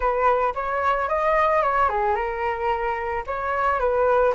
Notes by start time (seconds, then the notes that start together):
0.00 B4
0.54 C#5
1.08 D#5
1.62 C#5
1.89 G#4
2.15 A#4
3.26 C#5
3.79 B4